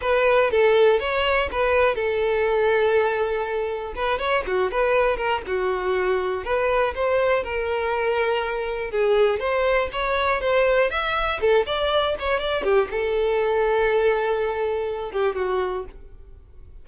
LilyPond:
\new Staff \with { instrumentName = "violin" } { \time 4/4 \tempo 4 = 121 b'4 a'4 cis''4 b'4 | a'1 | b'8 cis''8 fis'8 b'4 ais'8 fis'4~ | fis'4 b'4 c''4 ais'4~ |
ais'2 gis'4 c''4 | cis''4 c''4 e''4 a'8 d''8~ | d''8 cis''8 d''8 g'8 a'2~ | a'2~ a'8 g'8 fis'4 | }